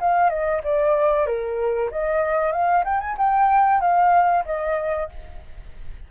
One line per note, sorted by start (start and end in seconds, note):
0.00 0.29 F5
0.29 0.61 D#5
0.64 1.26 D5
1.26 1.90 A#4
1.91 2.52 D#5
2.52 2.84 F5
2.84 3.00 G5
3.01 3.17 G#5
3.17 3.81 G5
3.81 4.44 F5
4.45 5.09 D#5